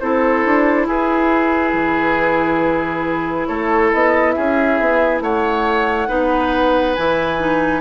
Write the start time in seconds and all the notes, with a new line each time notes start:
0.00 C4 E4 A4 C5
0.46 D4
0.87 E4 G#4 B4
1.73 E3
3.47 A3 A4 C#5
3.93 B3 D#5
4.32 C#4 G#4 E5
4.80 B3
5.21 A3 C#5 F#5
6.08 B3 D#4 B4
6.95 E3 E4 G#5
7.39 D#4